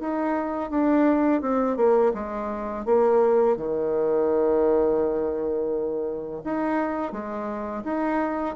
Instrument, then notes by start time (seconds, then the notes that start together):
bassoon
0.00 D#4
0.70 D4
1.42 C4
1.77 A#3
2.14 G#3
2.86 A#3
3.57 D#3
6.44 D#4
7.12 G#3
7.84 D#4